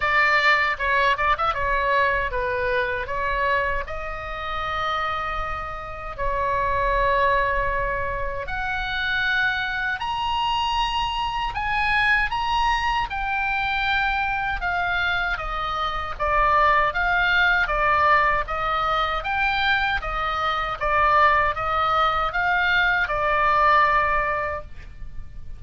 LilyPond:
\new Staff \with { instrumentName = "oboe" } { \time 4/4 \tempo 4 = 78 d''4 cis''8 d''16 e''16 cis''4 b'4 | cis''4 dis''2. | cis''2. fis''4~ | fis''4 ais''2 gis''4 |
ais''4 g''2 f''4 | dis''4 d''4 f''4 d''4 | dis''4 g''4 dis''4 d''4 | dis''4 f''4 d''2 | }